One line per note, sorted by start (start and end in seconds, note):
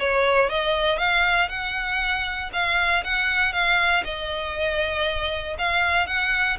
0.00 0.50 C#5
0.50 0.98 D#5
0.98 1.49 F5
1.49 2.51 F#5
2.53 3.04 F5
3.05 3.53 F#5
3.53 4.04 F5
4.05 5.57 D#5
5.59 6.07 F5
6.07 6.58 F#5